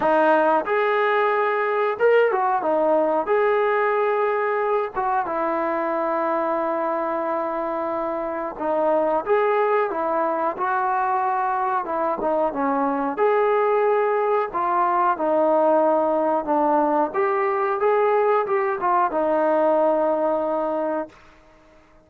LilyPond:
\new Staff \with { instrumentName = "trombone" } { \time 4/4 \tempo 4 = 91 dis'4 gis'2 ais'8 fis'8 | dis'4 gis'2~ gis'8 fis'8 | e'1~ | e'4 dis'4 gis'4 e'4 |
fis'2 e'8 dis'8 cis'4 | gis'2 f'4 dis'4~ | dis'4 d'4 g'4 gis'4 | g'8 f'8 dis'2. | }